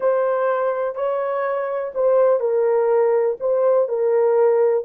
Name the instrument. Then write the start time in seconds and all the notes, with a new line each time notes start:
horn
0.00 C5
0.95 C#5
1.94 C5
2.40 A#4
3.40 C5
3.88 A#4